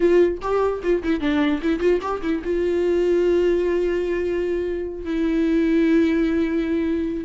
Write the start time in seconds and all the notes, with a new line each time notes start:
0.00 F4
0.41 G4
0.82 F4
1.03 E4
1.20 D4
1.61 E4
1.79 F4
2.01 G4
2.21 E4
2.43 F4
5.04 E4